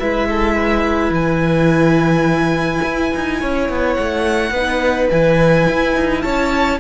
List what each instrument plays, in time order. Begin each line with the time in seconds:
0.00 cello G#3, viola E4, violin B4 E5
0.30 violin A4
0.56 violin B4
1.10 cello E3, violin G#5
2.83 cello E4
3.15 cello D#4
3.41 cello C#4, violin C#5
3.69 cello B3
3.94 cello A3, violin F#5
4.51 cello B3, viola D#4, violin B4
5.10 cello E3, viola E4, violin G#5
5.69 cello E4
5.96 cello D#4
6.22 cello C#4, violin C#5 A5